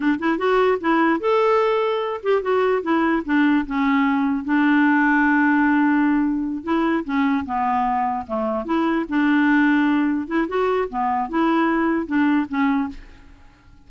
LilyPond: \new Staff \with { instrumentName = "clarinet" } { \time 4/4 \tempo 4 = 149 d'8 e'8 fis'4 e'4 a'4~ | a'4. g'8 fis'4 e'4 | d'4 cis'2 d'4~ | d'1~ |
d'8 e'4 cis'4 b4.~ | b8 a4 e'4 d'4.~ | d'4. e'8 fis'4 b4 | e'2 d'4 cis'4 | }